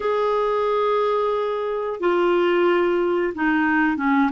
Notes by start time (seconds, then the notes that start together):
0.00 G#4
2.00 F4
3.34 D#4
3.97 C#4